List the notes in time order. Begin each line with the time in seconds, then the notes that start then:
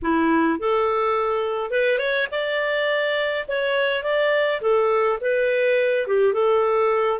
0.02 E4
0.59 A4
1.70 B4
1.98 C#5
2.31 D5
3.48 C#5
4.03 D5
4.61 A4
5.20 B4
6.07 G4
6.33 A4